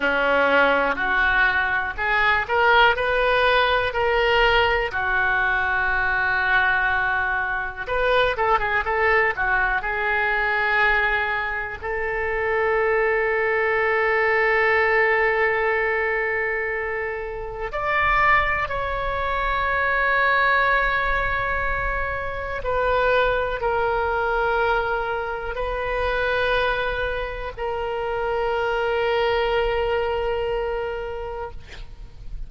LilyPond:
\new Staff \with { instrumentName = "oboe" } { \time 4/4 \tempo 4 = 61 cis'4 fis'4 gis'8 ais'8 b'4 | ais'4 fis'2. | b'8 a'16 gis'16 a'8 fis'8 gis'2 | a'1~ |
a'2 d''4 cis''4~ | cis''2. b'4 | ais'2 b'2 | ais'1 | }